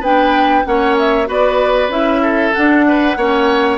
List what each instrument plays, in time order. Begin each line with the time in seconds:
0.00 bassoon B3, clarinet D4, oboe B4, flute G5
0.64 bassoon A#3, clarinet C#4, oboe C#5, flute F#5
0.97 flute E5
1.26 bassoon B3, clarinet F#4, oboe B4, flute D5
1.88 bassoon C#4, clarinet E4, flute E5
2.22 oboe A4
2.54 clarinet D4, bassoon D4, flute F#5
2.88 oboe B4
3.16 bassoon A#3, clarinet C#4, oboe C#5